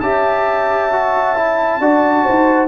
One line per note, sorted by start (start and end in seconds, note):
0.00 1.79 C#4
0.00 0.92 G4
0.00 1.81 E5
0.00 2.67 A5
0.92 1.36 F#4
1.36 1.81 E4
1.79 2.24 D4
1.79 2.67 F#4
1.79 2.24 D5
2.24 2.67 D#4
2.24 2.67 C5